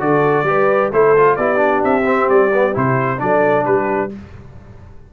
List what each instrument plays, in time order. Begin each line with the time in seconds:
0.00 tuba D3, trombone F#4, horn A4, trumpet D5
0.44 tuba G3, trombone G4, horn B4
0.92 tuba A3, trombone E4, horn A4, trumpet C5
1.17 trombone F4
1.36 tuba B3, trombone E4, horn G4, trumpet D5
1.57 trombone D4
1.84 tuba C4, trumpet E5
2.06 trombone C4
2.30 tuba G3, trumpet D5
2.54 trombone B3
2.74 tuba C3, trombone E4, trumpet C5
3.18 tuba F#3, trombone D4, horn A4, trumpet D5
3.66 tuba G3, horn G4, trumpet B4